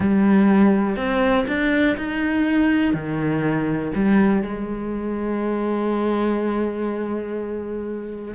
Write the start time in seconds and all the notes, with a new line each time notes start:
0.00 G3
0.96 C4
1.47 D4
1.97 D#4
2.93 D#3
3.95 G3
4.42 G#3